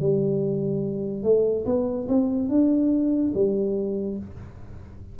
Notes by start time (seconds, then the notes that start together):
0.00 G3
1.23 A3
1.66 B3
2.08 C4
2.49 D4
3.34 G3